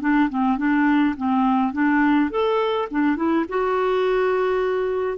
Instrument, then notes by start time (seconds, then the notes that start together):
clarinet
0.00 D4
0.29 C4
0.57 D4
1.16 C4
1.73 D4
2.30 A4
2.90 D4
3.16 E4
3.48 F#4